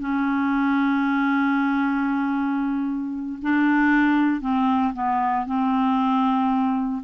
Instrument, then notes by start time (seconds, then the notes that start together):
clarinet
0.00 C#4
3.43 D4
4.42 C4
4.94 B3
5.46 C4